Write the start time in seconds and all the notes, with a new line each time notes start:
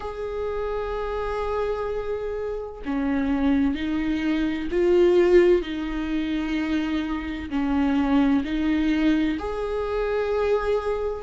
0.00 G#4
2.85 C#4
3.74 D#4
4.71 F4
5.62 D#4
7.50 C#4
8.44 D#4
9.38 G#4